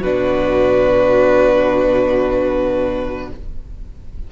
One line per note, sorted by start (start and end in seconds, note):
0.00 3.30 B2
0.00 3.32 D4
0.00 3.27 F#4
0.00 3.30 B4